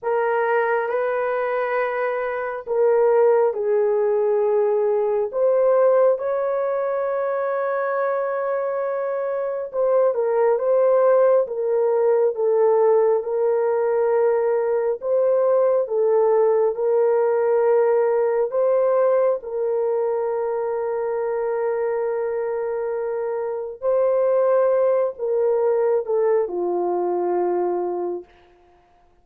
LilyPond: \new Staff \with { instrumentName = "horn" } { \time 4/4 \tempo 4 = 68 ais'4 b'2 ais'4 | gis'2 c''4 cis''4~ | cis''2. c''8 ais'8 | c''4 ais'4 a'4 ais'4~ |
ais'4 c''4 a'4 ais'4~ | ais'4 c''4 ais'2~ | ais'2. c''4~ | c''8 ais'4 a'8 f'2 | }